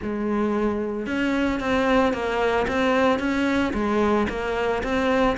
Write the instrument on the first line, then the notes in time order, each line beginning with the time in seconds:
cello
0.02 G#3
1.06 C#4
1.59 C4
2.13 A#3
2.67 C4
3.19 C#4
3.73 G#3
4.29 A#3
4.83 C4